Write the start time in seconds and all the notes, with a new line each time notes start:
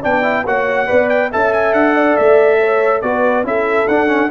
0.00 B3 D4 D5 G5
0.23 E4
0.45 A#3 F#4 C#5 F#5
0.87 B3 B4 D5
1.09 G5
1.31 C#4 A4 E5 A5
1.53 G#5
1.72 D4 F#5
1.94 D5
2.16 A3 E5
2.60 C#5
3.01 B3 F#4 B4 D5
3.44 C#4 E4 A4 E5
3.88 D4 F#5
4.07 C#4